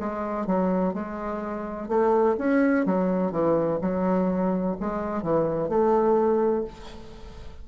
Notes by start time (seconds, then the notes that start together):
0.00 G#3
0.47 F#3
0.94 G#3
1.88 A3
2.38 C#4
2.86 F#3
3.32 E3
3.81 F#3
4.80 G#3
5.23 E3
5.69 A3